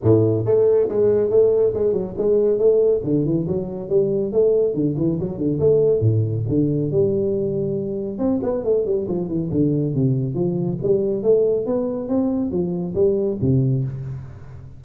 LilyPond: \new Staff \with { instrumentName = "tuba" } { \time 4/4 \tempo 4 = 139 a,4 a4 gis4 a4 | gis8 fis8 gis4 a4 d8 e8 | fis4 g4 a4 d8 e8 | fis8 d8 a4 a,4 d4 |
g2. c'8 b8 | a8 g8 f8 e8 d4 c4 | f4 g4 a4 b4 | c'4 f4 g4 c4 | }